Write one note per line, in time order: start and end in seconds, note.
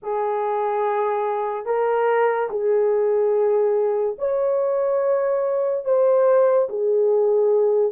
0.02 1.65 G#4
1.65 2.48 A#4
2.50 4.16 G#4
4.18 5.84 C#5
5.84 6.68 C5
6.69 7.92 G#4